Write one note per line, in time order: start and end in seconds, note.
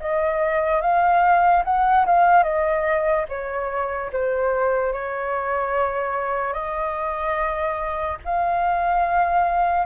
0.00 0.81 D#5
0.81 1.63 F5
1.64 2.05 F#5
2.06 2.43 F5
2.43 3.25 D#5
3.29 4.11 C#5
4.12 4.93 C5
4.93 6.53 C#5
6.53 8.18 D#5
8.25 9.86 F5